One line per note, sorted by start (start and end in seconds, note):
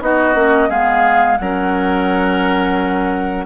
0.00 0.34 B3
0.00 0.34 D#4
0.00 0.69 F#4
0.00 0.70 D#5
0.34 0.69 A#3
0.34 0.69 C#4
0.69 1.38 G#3
0.69 1.37 B3
0.69 1.38 G#4
0.69 1.38 F5
1.38 3.45 F#3
1.38 3.45 C#4
1.38 3.45 A#4
1.38 3.45 F#5